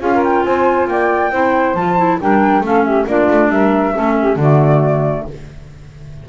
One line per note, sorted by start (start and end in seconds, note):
0.00 0.44 C#4
0.00 1.31 F4
0.00 0.12 G#4
0.00 0.23 F5
0.12 0.45 A#4
0.23 0.44 G5
0.44 0.87 C4
0.44 0.88 C5
0.44 0.88 G#5
0.87 1.30 A#3
0.87 1.31 D5
0.87 1.74 G5
1.30 1.74 C4
1.30 1.75 E4
1.30 2.19 C5
1.74 2.18 F3
1.74 1.98 F4
1.74 2.18 A5
1.98 2.20 E4
2.21 2.60 G3
2.21 2.62 D4
2.21 2.64 A#4
2.21 2.65 G5
2.60 3.04 A3
2.60 3.06 C#4
2.60 2.84 A4
2.60 2.84 F5
2.84 3.06 G4
2.84 3.06 E5
3.06 3.28 A#3
3.06 3.93 D4
3.06 3.50 F4
3.06 3.51 D5
3.30 3.49 A3
3.49 3.93 G3
3.49 3.94 A#4
3.49 4.38 E5
3.93 4.35 A3
3.93 4.37 C#4
3.93 4.16 A4
4.19 4.38 G4
4.35 5.23 D3
4.35 5.28 A3
4.35 5.25 F#4
4.35 5.27 D5